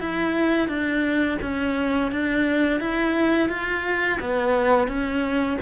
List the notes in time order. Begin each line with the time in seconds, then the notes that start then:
0.00 E4
0.68 D4
1.41 C#4
2.11 D4
2.80 E4
3.49 F4
4.20 B3
4.87 C#4